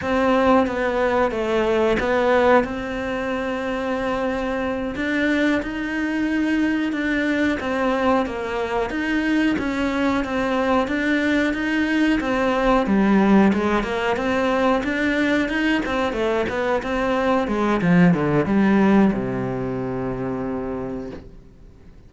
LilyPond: \new Staff \with { instrumentName = "cello" } { \time 4/4 \tempo 4 = 91 c'4 b4 a4 b4 | c'2.~ c'8 d'8~ | d'8 dis'2 d'4 c'8~ | c'8 ais4 dis'4 cis'4 c'8~ |
c'8 d'4 dis'4 c'4 g8~ | g8 gis8 ais8 c'4 d'4 dis'8 | c'8 a8 b8 c'4 gis8 f8 d8 | g4 c2. | }